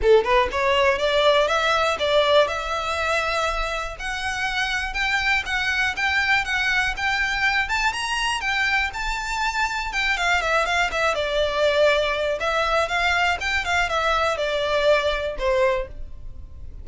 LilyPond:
\new Staff \with { instrumentName = "violin" } { \time 4/4 \tempo 4 = 121 a'8 b'8 cis''4 d''4 e''4 | d''4 e''2. | fis''2 g''4 fis''4 | g''4 fis''4 g''4. a''8 |
ais''4 g''4 a''2 | g''8 f''8 e''8 f''8 e''8 d''4.~ | d''4 e''4 f''4 g''8 f''8 | e''4 d''2 c''4 | }